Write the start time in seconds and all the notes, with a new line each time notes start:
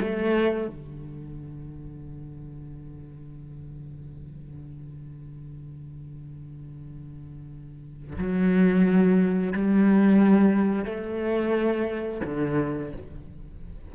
0.00 A3
0.68 D3
8.18 F#3
9.53 G3
10.85 A3
12.24 D3